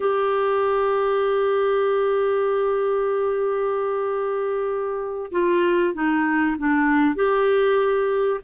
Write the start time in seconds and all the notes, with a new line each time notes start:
0.00 G4
5.31 F4
5.94 D#4
6.58 D4
7.15 G4